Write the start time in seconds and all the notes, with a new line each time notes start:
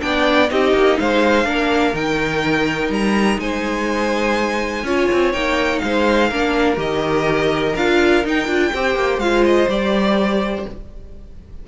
0.00 B3 D4 D5 G5
0.49 C4 D#4 G4 D#5
0.73 A#3
0.99 G#3 C5 F5
1.44 A#3 D4 A#4
1.94 D#3 D#4 G5
2.90 G3 A#5
3.39 G#3 C5 G#5
4.83 C#4 F4 C#5
5.13 C4
5.33 A#3 D#4 G5
5.79 G#3 C5 F5
6.29 A#3 D4 A#4
6.77 D#3 G4 D#5
7.76 D4 F4 F5
8.24 D#4 G5
8.47 D4 F4
8.73 C4 G4 C5
8.95 A#3
9.18 G#3 F4 F5
9.45 D#5
9.68 G3 G4 D5